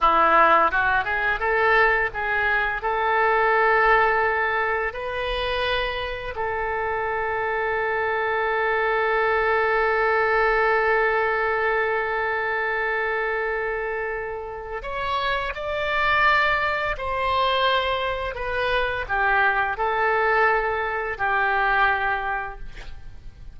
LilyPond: \new Staff \with { instrumentName = "oboe" } { \time 4/4 \tempo 4 = 85 e'4 fis'8 gis'8 a'4 gis'4 | a'2. b'4~ | b'4 a'2.~ | a'1~ |
a'1~ | a'4 cis''4 d''2 | c''2 b'4 g'4 | a'2 g'2 | }